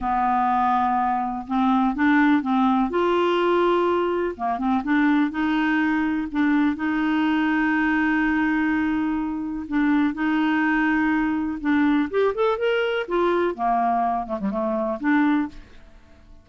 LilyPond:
\new Staff \with { instrumentName = "clarinet" } { \time 4/4 \tempo 4 = 124 b2. c'4 | d'4 c'4 f'2~ | f'4 ais8 c'8 d'4 dis'4~ | dis'4 d'4 dis'2~ |
dis'1 | d'4 dis'2. | d'4 g'8 a'8 ais'4 f'4 | ais4. a16 g16 a4 d'4 | }